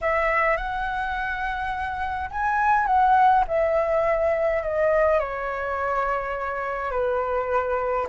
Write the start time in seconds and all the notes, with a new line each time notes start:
0.01 E5
0.56 F#5
2.30 G#5
2.86 F#5
3.47 E5
4.63 D#5
5.19 C#5
6.91 B4